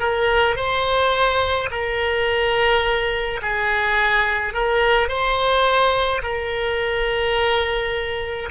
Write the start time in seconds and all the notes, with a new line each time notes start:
0.00 A#4
0.57 C5
1.71 A#4
3.43 G#4
4.54 A#4
5.09 C5
6.23 A#4